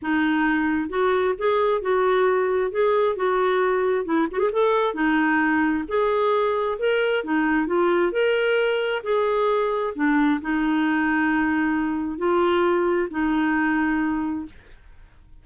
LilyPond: \new Staff \with { instrumentName = "clarinet" } { \time 4/4 \tempo 4 = 133 dis'2 fis'4 gis'4 | fis'2 gis'4 fis'4~ | fis'4 e'8 fis'16 gis'16 a'4 dis'4~ | dis'4 gis'2 ais'4 |
dis'4 f'4 ais'2 | gis'2 d'4 dis'4~ | dis'2. f'4~ | f'4 dis'2. | }